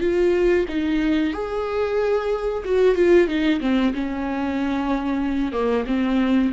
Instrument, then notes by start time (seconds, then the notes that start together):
viola
0.00 F4
0.68 D#4
1.33 G#4
2.64 F#4
2.95 F4
3.27 D#4
3.60 C4
3.94 C#4
5.52 A#3
5.87 C4